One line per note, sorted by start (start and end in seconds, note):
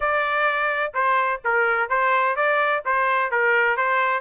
0.00 0.92 D5
0.93 1.41 C5
1.44 1.89 A#4
1.89 2.36 C5
2.36 2.83 D5
2.85 3.31 C5
3.31 3.76 A#4
3.76 4.20 C5